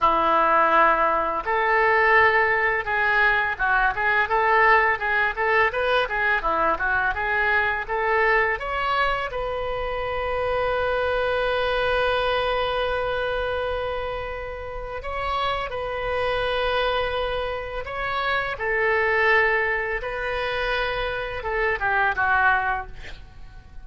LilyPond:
\new Staff \with { instrumentName = "oboe" } { \time 4/4 \tempo 4 = 84 e'2 a'2 | gis'4 fis'8 gis'8 a'4 gis'8 a'8 | b'8 gis'8 e'8 fis'8 gis'4 a'4 | cis''4 b'2.~ |
b'1~ | b'4 cis''4 b'2~ | b'4 cis''4 a'2 | b'2 a'8 g'8 fis'4 | }